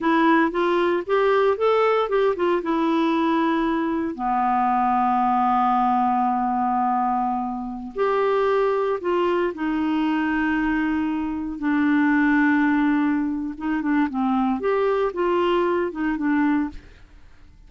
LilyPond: \new Staff \with { instrumentName = "clarinet" } { \time 4/4 \tempo 4 = 115 e'4 f'4 g'4 a'4 | g'8 f'8 e'2. | b1~ | b2.~ b16 g'8.~ |
g'4~ g'16 f'4 dis'4.~ dis'16~ | dis'2~ dis'16 d'4.~ d'16~ | d'2 dis'8 d'8 c'4 | g'4 f'4. dis'8 d'4 | }